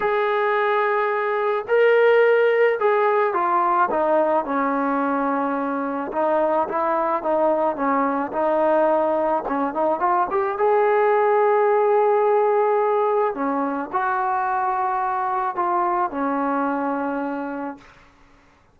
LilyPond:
\new Staff \with { instrumentName = "trombone" } { \time 4/4 \tempo 4 = 108 gis'2. ais'4~ | ais'4 gis'4 f'4 dis'4 | cis'2. dis'4 | e'4 dis'4 cis'4 dis'4~ |
dis'4 cis'8 dis'8 f'8 g'8 gis'4~ | gis'1 | cis'4 fis'2. | f'4 cis'2. | }